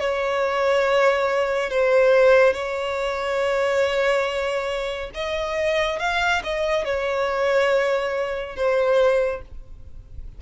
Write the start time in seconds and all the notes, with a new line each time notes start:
0.00 C#5
1.71 C5
2.54 C#5
5.15 D#5
6.00 F5
6.44 D#5
6.85 C#5
8.56 C5